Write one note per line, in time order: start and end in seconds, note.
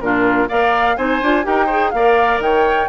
0.00 0.48 A#2
0.00 0.48 D4
0.00 0.48 F4
0.00 0.48 A#4
0.48 0.97 A#3
0.48 0.96 A#4
0.48 0.96 D5
0.48 0.96 F5
0.96 1.21 C4
0.96 1.21 D#4
0.96 1.45 C5
0.96 1.45 G#5
1.21 1.45 D4
1.21 1.43 F4
1.43 1.93 D#4
1.43 1.67 G4
1.43 1.65 A#4
1.43 1.90 G5
1.65 1.93 G#4
1.65 1.89 C5
1.90 2.39 A#3
1.90 2.88 A#4
1.90 2.43 D5
1.90 2.38 F5
2.39 2.87 D#3
2.39 2.88 C#5
2.39 2.88 G5